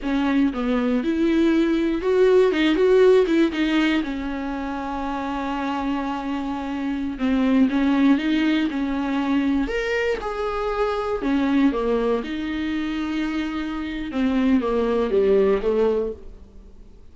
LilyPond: \new Staff \with { instrumentName = "viola" } { \time 4/4 \tempo 4 = 119 cis'4 b4 e'2 | fis'4 dis'8 fis'4 e'8 dis'4 | cis'1~ | cis'2~ cis'16 c'4 cis'8.~ |
cis'16 dis'4 cis'2 ais'8.~ | ais'16 gis'2 cis'4 ais8.~ | ais16 dis'2.~ dis'8. | c'4 ais4 g4 a4 | }